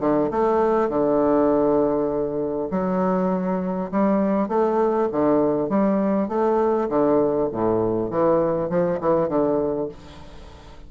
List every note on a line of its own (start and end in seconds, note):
0.00 0.30 D3
0.31 0.89 A3
0.89 2.69 D3
2.71 3.91 F#3
3.91 4.48 G3
4.48 5.08 A3
5.12 5.69 D3
5.69 6.28 G3
6.28 6.88 A3
6.89 7.49 D3
7.52 8.10 A2
8.10 8.69 E3
8.69 8.99 F3
9.00 9.28 E3
9.28 9.88 D3